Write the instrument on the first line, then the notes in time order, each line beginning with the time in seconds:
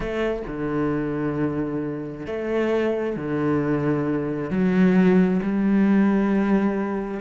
cello
0.00 A3
0.47 D3
2.26 A3
3.16 D3
4.50 F#3
5.42 G3